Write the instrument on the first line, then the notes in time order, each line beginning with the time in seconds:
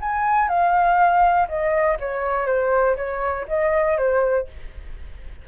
flute
0.00 G#5
0.48 F5
1.48 D#5
1.99 C#5
2.46 C5
2.96 C#5
3.48 D#5
3.97 C5